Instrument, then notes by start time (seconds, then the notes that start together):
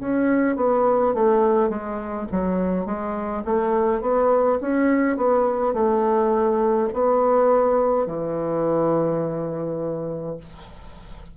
bassoon
0.00 C#4
0.56 B3
1.14 A3
1.69 G#3
2.32 F#3
2.86 G#3
3.45 A3
4.01 B3
4.61 C#4
5.17 B3
5.74 A3
6.93 B3
8.07 E3